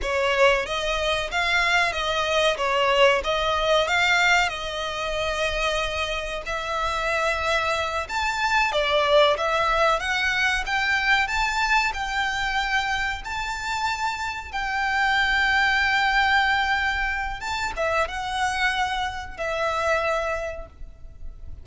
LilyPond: \new Staff \with { instrumentName = "violin" } { \time 4/4 \tempo 4 = 93 cis''4 dis''4 f''4 dis''4 | cis''4 dis''4 f''4 dis''4~ | dis''2 e''2~ | e''8 a''4 d''4 e''4 fis''8~ |
fis''8 g''4 a''4 g''4.~ | g''8 a''2 g''4.~ | g''2. a''8 e''8 | fis''2 e''2 | }